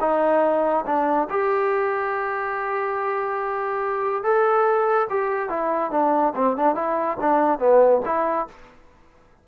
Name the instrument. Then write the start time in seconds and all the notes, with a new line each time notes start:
trombone
0.00 D#4
0.86 D4
1.29 G4
4.23 A4
5.09 G4
5.49 E4
5.91 D4
6.35 C4
6.56 D4
6.75 E4
7.20 D4
7.59 B3
8.05 E4